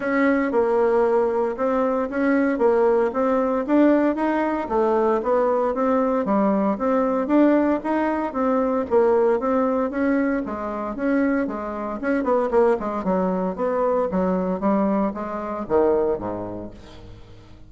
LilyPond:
\new Staff \with { instrumentName = "bassoon" } { \time 4/4 \tempo 4 = 115 cis'4 ais2 c'4 | cis'4 ais4 c'4 d'4 | dis'4 a4 b4 c'4 | g4 c'4 d'4 dis'4 |
c'4 ais4 c'4 cis'4 | gis4 cis'4 gis4 cis'8 b8 | ais8 gis8 fis4 b4 fis4 | g4 gis4 dis4 gis,4 | }